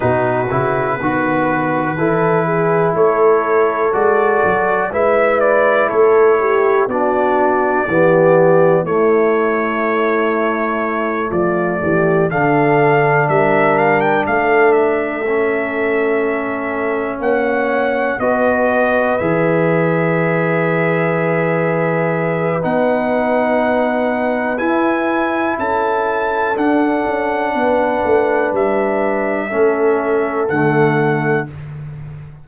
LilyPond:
<<
  \new Staff \with { instrumentName = "trumpet" } { \time 4/4 \tempo 4 = 61 b'2. cis''4 | d''4 e''8 d''8 cis''4 d''4~ | d''4 cis''2~ cis''8 d''8~ | d''8 f''4 e''8 f''16 g''16 f''8 e''4~ |
e''4. fis''4 dis''4 e''8~ | e''2. fis''4~ | fis''4 gis''4 a''4 fis''4~ | fis''4 e''2 fis''4 | }
  \new Staff \with { instrumentName = "horn" } { \time 4/4 fis'4 b4 a'8 gis'8 a'4~ | a'4 b'4 a'8 g'8 fis'4 | g'4 e'2~ e'8 f'8 | g'8 a'4 ais'4 a'4.~ |
a'4. cis''4 b'4.~ | b'1~ | b'2 a'2 | b'2 a'2 | }
  \new Staff \with { instrumentName = "trombone" } { \time 4/4 dis'8 e'8 fis'4 e'2 | fis'4 e'2 d'4 | b4 a2.~ | a8 d'2. cis'8~ |
cis'2~ cis'8 fis'4 gis'8~ | gis'2. dis'4~ | dis'4 e'2 d'4~ | d'2 cis'4 a4 | }
  \new Staff \with { instrumentName = "tuba" } { \time 4/4 b,8 cis8 dis4 e4 a4 | gis8 fis8 gis4 a4 b4 | e4 a2~ a8 f8 | e8 d4 g4 a4.~ |
a4. ais4 b4 e8~ | e2. b4~ | b4 e'4 cis'4 d'8 cis'8 | b8 a8 g4 a4 d4 | }
>>